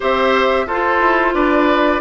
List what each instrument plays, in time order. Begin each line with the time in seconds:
0.00 bassoon C4, clarinet G4, oboe C5, flute E5
0.66 bassoon F4, clarinet F4, oboe A4, flute C5
1.00 bassoon E4
1.33 bassoon D4, oboe B4, flute D5